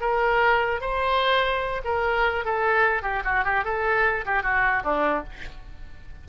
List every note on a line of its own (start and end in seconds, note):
0.00 0.81 A#4
0.81 1.81 C5
1.84 2.45 A#4
2.45 3.02 A4
3.02 3.22 G4
3.24 3.44 F#4
3.44 3.64 G4
3.64 4.24 A4
4.25 4.42 G4
4.42 4.82 F#4
4.83 5.23 D4